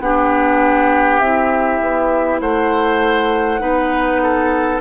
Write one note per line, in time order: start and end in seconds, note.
0.00 1.20 B3
0.00 1.22 D4
0.00 2.41 G4
0.00 1.20 F#5
1.20 1.80 C4
1.20 3.60 E4
1.20 2.40 E5
1.81 2.41 B3
2.41 3.61 A3
2.41 3.61 C5
2.41 4.81 F#5
3.60 4.81 B3
3.60 4.80 D#4
3.60 4.21 B4
4.23 4.81 A4